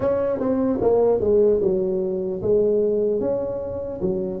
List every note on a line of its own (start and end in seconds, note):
0.00 0.39 C#4
0.39 0.79 C4
0.81 1.20 A#3
1.20 1.60 G#3
1.61 2.41 F#3
2.41 3.20 G#3
3.20 4.00 C#4
4.01 4.40 F#3